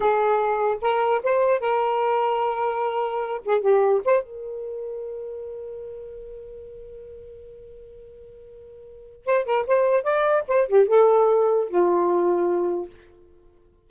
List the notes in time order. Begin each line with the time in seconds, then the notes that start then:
0.00 G#4
0.81 A#4
1.23 C5
1.60 A#4
3.45 G#4
3.61 G4
4.04 C5
4.23 A#4
9.25 C5
9.45 A#4
9.66 C5
10.03 D5
10.47 C5
10.67 G4
10.88 A4
11.69 F4